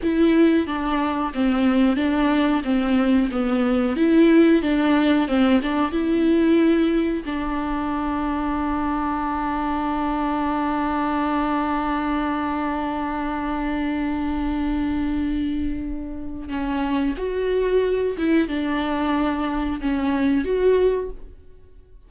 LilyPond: \new Staff \with { instrumentName = "viola" } { \time 4/4 \tempo 4 = 91 e'4 d'4 c'4 d'4 | c'4 b4 e'4 d'4 | c'8 d'8 e'2 d'4~ | d'1~ |
d'1~ | d'1~ | d'4 cis'4 fis'4. e'8 | d'2 cis'4 fis'4 | }